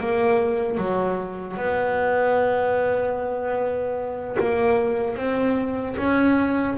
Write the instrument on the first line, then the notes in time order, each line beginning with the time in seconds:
double bass
0.00 A#3
0.77 F#3
1.57 B3
4.40 A#3
5.16 C4
5.97 C#4